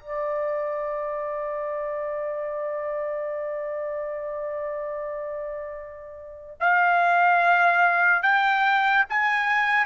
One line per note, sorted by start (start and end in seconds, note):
0.00 6.58 D5
6.61 8.23 F5
8.23 9.05 G5
9.10 9.86 G#5